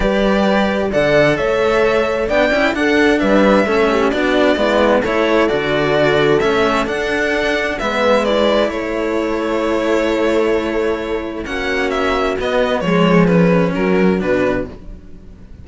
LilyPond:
<<
  \new Staff \with { instrumentName = "violin" } { \time 4/4 \tempo 4 = 131 d''2 fis''4 e''4~ | e''4 g''4 fis''4 e''4~ | e''4 d''2 cis''4 | d''2 e''4 fis''4~ |
fis''4 e''4 d''4 cis''4~ | cis''1~ | cis''4 fis''4 e''4 dis''4 | cis''4 b'4 ais'4 b'4 | }
  \new Staff \with { instrumentName = "horn" } { \time 4/4 b'2 d''4 cis''4~ | cis''4 d''4 a'4 b'4 | a'8 g'8 fis'4 e'4 a'4~ | a'1~ |
a'4 b'2 a'4~ | a'1~ | a'4 fis'2. | gis'2 fis'2 | }
  \new Staff \with { instrumentName = "cello" } { \time 4/4 g'2 a'2~ | a'4 d'8 e'8 d'2 | cis'4 d'4 b4 e'4 | fis'2 cis'4 d'4~ |
d'4 b4 e'2~ | e'1~ | e'4 cis'2 b4 | gis4 cis'2 d'4 | }
  \new Staff \with { instrumentName = "cello" } { \time 4/4 g2 d4 a4~ | a4 b8 cis'8 d'4 g4 | a4 b4 gis4 a4 | d2 a4 d'4~ |
d'4 gis2 a4~ | a1~ | a4 ais2 b4 | f2 fis4 b,4 | }
>>